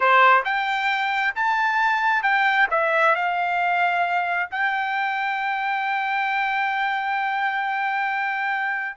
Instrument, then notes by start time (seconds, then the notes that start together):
trumpet
0.00 C5
0.44 G5
1.35 A5
2.22 G5
2.70 E5
3.15 F5
4.50 G5